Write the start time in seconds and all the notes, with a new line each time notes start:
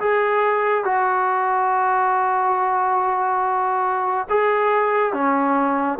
0.00 G#4
0.85 F#4
4.30 G#4
5.14 C#4